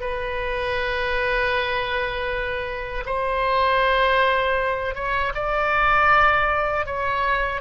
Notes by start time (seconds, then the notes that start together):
0.00 B4
3.06 C5
4.95 C#5
5.34 D5
6.86 C#5